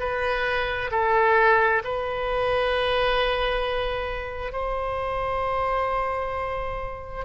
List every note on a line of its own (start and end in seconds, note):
0.00 0.91 B4
0.91 1.82 A4
1.84 4.52 B4
4.52 7.25 C5